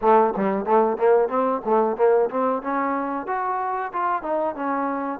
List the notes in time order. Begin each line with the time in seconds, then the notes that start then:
0.01 A3
0.36 G3
0.65 A3
0.97 A#3
1.29 C4
1.64 A3
1.97 A#3
2.29 C4
2.62 C#4
3.26 F#4
3.92 F4
4.22 D#4
4.55 C#4